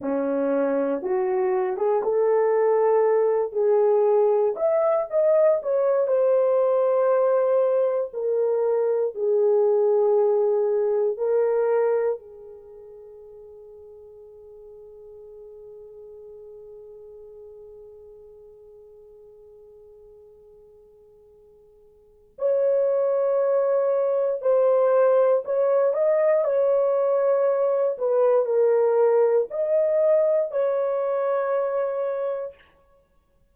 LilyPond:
\new Staff \with { instrumentName = "horn" } { \time 4/4 \tempo 4 = 59 cis'4 fis'8. gis'16 a'4. gis'8~ | gis'8 e''8 dis''8 cis''8 c''2 | ais'4 gis'2 ais'4 | gis'1~ |
gis'1~ | gis'2 cis''2 | c''4 cis''8 dis''8 cis''4. b'8 | ais'4 dis''4 cis''2 | }